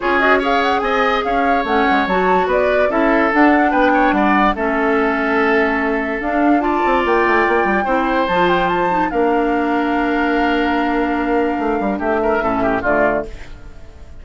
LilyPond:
<<
  \new Staff \with { instrumentName = "flute" } { \time 4/4 \tempo 4 = 145 cis''8 dis''8 f''8 fis''8 gis''4 f''4 | fis''4 a''4 d''4 e''4 | fis''4 g''4 fis''4 e''4~ | e''2. f''4 |
a''4 g''2. | a''8 g''8 a''4 f''2~ | f''1~ | f''4 e''2 d''4 | }
  \new Staff \with { instrumentName = "oboe" } { \time 4/4 gis'4 cis''4 dis''4 cis''4~ | cis''2 b'4 a'4~ | a'4 b'8 cis''8 d''4 a'4~ | a'1 |
d''2. c''4~ | c''2 ais'2~ | ais'1~ | ais'4 g'8 ais'8 a'8 g'8 f'4 | }
  \new Staff \with { instrumentName = "clarinet" } { \time 4/4 f'8 fis'8 gis'2. | cis'4 fis'2 e'4 | d'2. cis'4~ | cis'2. d'4 |
f'2. e'4 | f'4. dis'8 d'2~ | d'1~ | d'2 cis'4 a4 | }
  \new Staff \with { instrumentName = "bassoon" } { \time 4/4 cis'2 c'4 cis'4 | a8 gis8 fis4 b4 cis'4 | d'4 b4 g4 a4~ | a2. d'4~ |
d'8 c'8 ais8 a8 ais8 g8 c'4 | f2 ais2~ | ais1 | a8 g8 a4 a,4 d4 | }
>>